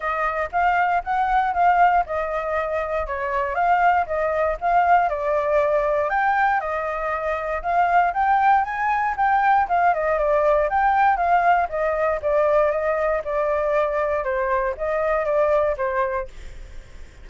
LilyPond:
\new Staff \with { instrumentName = "flute" } { \time 4/4 \tempo 4 = 118 dis''4 f''4 fis''4 f''4 | dis''2 cis''4 f''4 | dis''4 f''4 d''2 | g''4 dis''2 f''4 |
g''4 gis''4 g''4 f''8 dis''8 | d''4 g''4 f''4 dis''4 | d''4 dis''4 d''2 | c''4 dis''4 d''4 c''4 | }